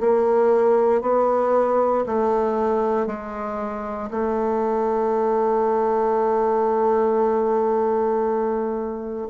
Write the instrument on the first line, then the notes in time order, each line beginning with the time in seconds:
bassoon
0.00 A#3
1.02 B3
2.06 A3
3.07 G#3
4.11 A3